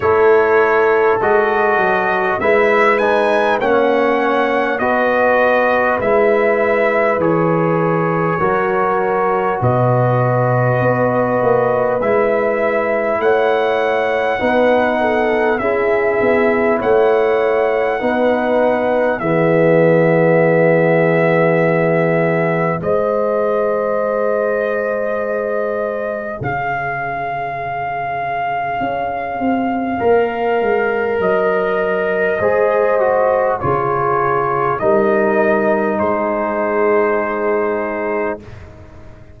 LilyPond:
<<
  \new Staff \with { instrumentName = "trumpet" } { \time 4/4 \tempo 4 = 50 cis''4 dis''4 e''8 gis''8 fis''4 | dis''4 e''4 cis''2 | dis''2 e''4 fis''4~ | fis''4 e''4 fis''2 |
e''2. dis''4~ | dis''2 f''2~ | f''2 dis''2 | cis''4 dis''4 c''2 | }
  \new Staff \with { instrumentName = "horn" } { \time 4/4 a'2 b'4 cis''4 | b'2. ais'4 | b'2. cis''4 | b'8 a'8 gis'4 cis''4 b'4 |
gis'2. c''4~ | c''2 cis''2~ | cis''2. c''4 | gis'4 ais'4 gis'2 | }
  \new Staff \with { instrumentName = "trombone" } { \time 4/4 e'4 fis'4 e'8 dis'8 cis'4 | fis'4 e'4 gis'4 fis'4~ | fis'2 e'2 | dis'4 e'2 dis'4 |
b2. gis'4~ | gis'1~ | gis'4 ais'2 gis'8 fis'8 | f'4 dis'2. | }
  \new Staff \with { instrumentName = "tuba" } { \time 4/4 a4 gis8 fis8 gis4 ais4 | b4 gis4 e4 fis4 | b,4 b8 ais8 gis4 a4 | b4 cis'8 b8 a4 b4 |
e2. gis4~ | gis2 cis2 | cis'8 c'8 ais8 gis8 fis4 gis4 | cis4 g4 gis2 | }
>>